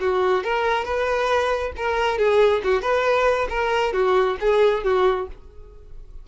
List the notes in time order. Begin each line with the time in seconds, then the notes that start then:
0.00 F#4
0.44 A#4
0.84 B4
1.76 A#4
2.18 G#4
2.64 F#4
2.82 B4
3.49 A#4
3.93 F#4
4.40 G#4
4.84 F#4